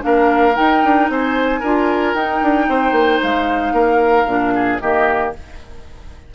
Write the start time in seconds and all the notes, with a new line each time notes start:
0.00 A#3 D4 A#4 F5
0.55 D#4 G5
0.83 D4
1.09 C4 C5 G#5
1.60 D4 F4 A#4
2.14 D#4 G5
2.41 D4
2.68 C4 C5
2.92 A#3
3.22 G#3 F5
3.72 A#3 A#4
4.25 A#2 D4
4.54 G#4
4.79 D#3 A#3 G4 D#5